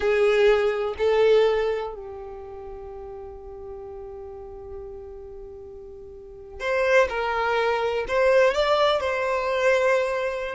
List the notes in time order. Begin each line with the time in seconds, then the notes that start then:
0.00 G#4
0.97 A4
1.94 G4
6.60 C5
7.09 A#4
8.08 C5
8.54 D5
9.00 C5